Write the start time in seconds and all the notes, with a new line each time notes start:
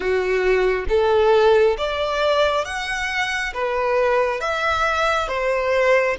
0.00 F#4
0.88 A4
1.77 D5
2.65 F#5
3.53 B4
4.40 E5
5.28 C5